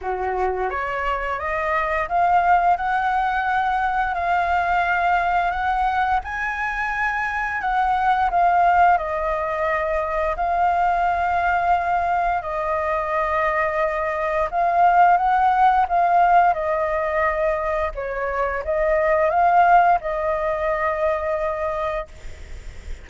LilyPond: \new Staff \with { instrumentName = "flute" } { \time 4/4 \tempo 4 = 87 fis'4 cis''4 dis''4 f''4 | fis''2 f''2 | fis''4 gis''2 fis''4 | f''4 dis''2 f''4~ |
f''2 dis''2~ | dis''4 f''4 fis''4 f''4 | dis''2 cis''4 dis''4 | f''4 dis''2. | }